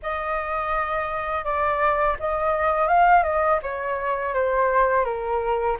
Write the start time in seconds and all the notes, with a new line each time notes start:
0.02 D#5
1.44 D5
2.19 D#5
2.87 F5
3.23 D#5
3.62 C#5
4.34 C5
5.04 A#4